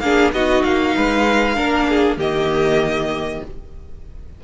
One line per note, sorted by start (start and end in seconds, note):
0.00 0.32 A#3
0.00 0.33 D4
0.00 0.35 G#4
0.00 0.31 F5
0.33 0.64 B3
0.33 1.56 D#4
0.33 0.96 F#4
0.33 0.63 D#5
0.63 0.95 A#3
0.63 2.18 F5
0.96 1.58 G#3
0.96 1.56 B4
1.56 2.17 A#3
1.56 2.18 D4
1.56 1.87 A#4
1.89 2.17 G#4
2.17 3.41 D#3
2.17 3.42 A#3
2.17 3.41 G4
2.17 3.44 D#5